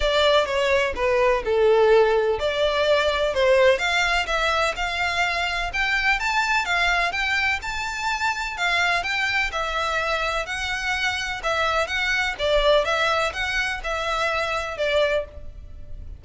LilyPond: \new Staff \with { instrumentName = "violin" } { \time 4/4 \tempo 4 = 126 d''4 cis''4 b'4 a'4~ | a'4 d''2 c''4 | f''4 e''4 f''2 | g''4 a''4 f''4 g''4 |
a''2 f''4 g''4 | e''2 fis''2 | e''4 fis''4 d''4 e''4 | fis''4 e''2 d''4 | }